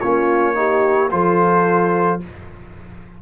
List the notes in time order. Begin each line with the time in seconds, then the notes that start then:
0.00 A#3 C#4 F4 C#5
0.55 D#4 G4
1.11 F3 F4 A4 C5